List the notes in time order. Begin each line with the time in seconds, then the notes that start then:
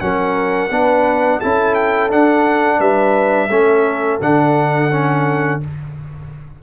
0.00 F#3 C#4 A#4 F#5
0.70 B3 D4 B4
1.39 C#4 E4 A4 A5
1.74 G5
2.09 D4 F#5
2.78 G3 B4 E5
3.49 A3 C#4 A4
4.21 D3 D4 F#5
4.90 C#4